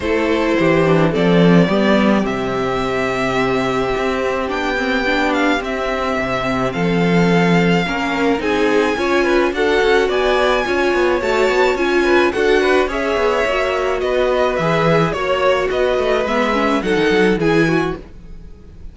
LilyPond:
<<
  \new Staff \with { instrumentName = "violin" } { \time 4/4 \tempo 4 = 107 c''2 d''2 | e''1 | g''4. f''8 e''2 | f''2. gis''4~ |
gis''4 fis''4 gis''2 | a''4 gis''4 fis''4 e''4~ | e''4 dis''4 e''4 cis''4 | dis''4 e''4 fis''4 gis''4 | }
  \new Staff \with { instrumentName = "violin" } { \time 4/4 a'4 g'4 a'4 g'4~ | g'1~ | g'1 | a'2 ais'4 gis'4 |
cis''8 b'8 a'4 d''4 cis''4~ | cis''4. b'8 a'8 b'8 cis''4~ | cis''4 b'2 cis''4 | b'2 a'4 gis'8 fis'8 | }
  \new Staff \with { instrumentName = "viola" } { \time 4/4 e'4. d'8 c'4 b4 | c'1 | d'8 c'8 d'4 c'2~ | c'2 cis'4 dis'4 |
f'4 fis'2 f'4 | fis'4 f'4 fis'4 gis'4 | fis'2 gis'4 fis'4~ | fis'4 b8 cis'8 dis'4 e'4 | }
  \new Staff \with { instrumentName = "cello" } { \time 4/4 a4 e4 f4 g4 | c2. c'4 | b2 c'4 c4 | f2 ais4 c'4 |
cis'4 d'8 cis'8 b4 cis'8 b8 | a8 b8 cis'4 d'4 cis'8 b8 | ais4 b4 e4 ais4 | b8 a8 gis4 fis16 dis16 fis8 e4 | }
>>